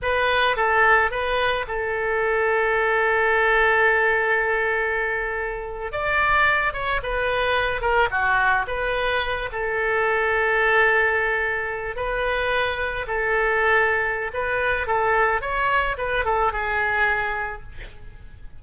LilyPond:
\new Staff \with { instrumentName = "oboe" } { \time 4/4 \tempo 4 = 109 b'4 a'4 b'4 a'4~ | a'1~ | a'2~ a'8. d''4~ d''16~ | d''16 cis''8 b'4. ais'8 fis'4 b'16~ |
b'4~ b'16 a'2~ a'8.~ | a'4.~ a'16 b'2 a'16~ | a'2 b'4 a'4 | cis''4 b'8 a'8 gis'2 | }